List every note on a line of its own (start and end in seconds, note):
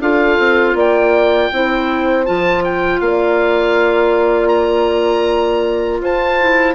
0.00 0.38 D4
0.00 1.51 F4
0.00 0.76 A4
0.00 0.77 F5
0.39 0.74 C4
0.74 1.49 A#3
0.74 1.51 D5
0.74 2.26 G5
1.53 2.28 C4
1.53 2.25 E4
1.53 3.02 C5
2.25 3.00 F3
2.25 6.38 F4
2.25 2.63 A5
2.64 3.00 G5
3.00 6.00 A#3
3.00 6.02 D5
3.00 4.48 F5
4.48 5.98 A#5
6.00 6.75 F4
6.00 6.75 C5
6.00 6.75 A5
6.40 6.75 E4